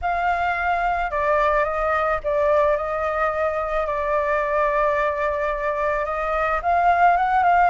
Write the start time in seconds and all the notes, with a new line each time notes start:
0.02 F5
1.11 D5
1.64 D#5
2.23 D5
2.76 D#5
3.86 D5
6.05 D#5
6.62 F5
7.16 F#5
7.43 F5